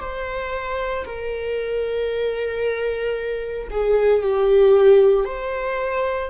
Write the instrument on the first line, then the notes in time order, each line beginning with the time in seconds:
viola
0.00 C5
1.06 A#4
3.71 G#4
4.23 G4
5.25 C5